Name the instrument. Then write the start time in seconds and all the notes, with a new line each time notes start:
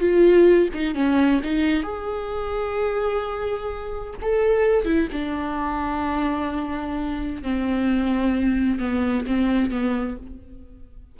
viola
0.00 F4
0.74 D#4
0.95 C#4
1.43 D#4
1.83 G#4
4.22 A4
4.85 E4
5.12 D4
7.42 C4
8.79 B3
9.26 C4
9.71 B3